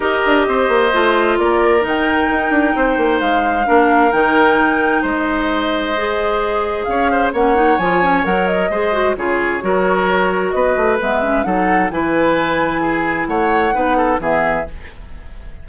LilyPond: <<
  \new Staff \with { instrumentName = "flute" } { \time 4/4 \tempo 4 = 131 dis''2. d''4 | g''2. f''4~ | f''4 g''2 dis''4~ | dis''2. f''4 |
fis''4 gis''4 fis''8 dis''4. | cis''2. dis''4 | e''4 fis''4 gis''2~ | gis''4 fis''2 e''4 | }
  \new Staff \with { instrumentName = "oboe" } { \time 4/4 ais'4 c''2 ais'4~ | ais'2 c''2 | ais'2. c''4~ | c''2. cis''8 c''8 |
cis''2. c''4 | gis'4 ais'2 b'4~ | b'4 a'4 b'2 | gis'4 cis''4 b'8 a'8 gis'4 | }
  \new Staff \with { instrumentName = "clarinet" } { \time 4/4 g'2 f'2 | dis'1 | d'4 dis'2.~ | dis'4 gis'2. |
cis'8 dis'8 f'8 cis'8 ais'4 gis'8 fis'8 | f'4 fis'2. | b8 cis'8 dis'4 e'2~ | e'2 dis'4 b4 | }
  \new Staff \with { instrumentName = "bassoon" } { \time 4/4 dis'8 d'8 c'8 ais8 a4 ais4 | dis4 dis'8 d'8 c'8 ais8 gis4 | ais4 dis2 gis4~ | gis2. cis'4 |
ais4 f4 fis4 gis4 | cis4 fis2 b8 a8 | gis4 fis4 e2~ | e4 a4 b4 e4 | }
>>